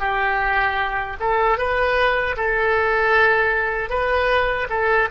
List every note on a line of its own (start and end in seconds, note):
0.00 1.17 G4
1.20 1.58 A4
1.58 2.36 B4
2.37 3.90 A4
3.90 4.68 B4
4.70 5.09 A4